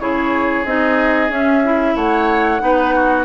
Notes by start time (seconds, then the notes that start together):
0.00 C#3 E4 G#4 C#5
0.65 C4 D#4 D#5
1.30 C#4 E5
1.65 E4
1.96 A3 C#5 F#5
2.60 B3 D#4 B4
2.95 F#4